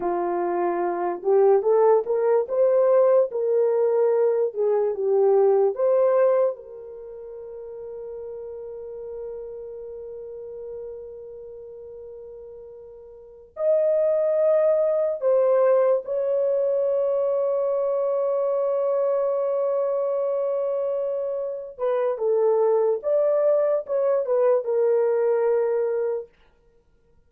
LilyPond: \new Staff \with { instrumentName = "horn" } { \time 4/4 \tempo 4 = 73 f'4. g'8 a'8 ais'8 c''4 | ais'4. gis'8 g'4 c''4 | ais'1~ | ais'1~ |
ais'8 dis''2 c''4 cis''8~ | cis''1~ | cis''2~ cis''8 b'8 a'4 | d''4 cis''8 b'8 ais'2 | }